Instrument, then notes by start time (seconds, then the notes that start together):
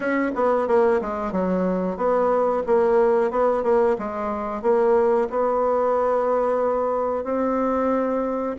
bassoon
0.00 C#4
0.34 B3
0.67 A#3
1.01 G#3
1.32 F#3
1.97 B3
2.66 A#3
3.31 B3
3.63 A#3
3.98 G#3
4.62 A#3
5.30 B3
7.24 C4